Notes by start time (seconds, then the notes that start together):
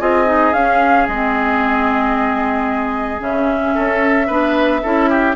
0.00 C4 F4 G#4 D#5
0.26 D#4
0.53 C#4 F5
1.07 G#3 C4 D#5
3.19 C#3 C#4 E5
3.75 C#4 A4
4.27 B3 D4 B4
4.83 C#4 E4 A4
5.09 G4